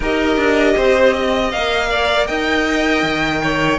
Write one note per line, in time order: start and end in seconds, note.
0.00 0.36 D#4
0.00 1.53 G4
0.00 0.74 A#4
0.00 1.51 D#5
0.36 0.74 D4
0.76 1.53 C4
0.76 1.13 C5
1.13 1.89 D#5
1.51 2.28 A#3
1.51 3.78 A#4
1.51 2.26 F5
1.89 2.27 D5
2.26 3.03 D#4
2.26 3.41 D#5
2.26 3.78 G5
3.03 3.78 D#3
3.42 3.78 C#5